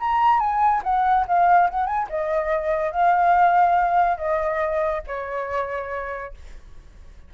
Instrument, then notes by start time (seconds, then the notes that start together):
flute
0.00 A#5
0.40 G#5
0.84 F#5
1.28 F5
1.70 F#5
1.87 G#5
2.10 D#5
2.92 F5
4.18 D#5
5.07 C#5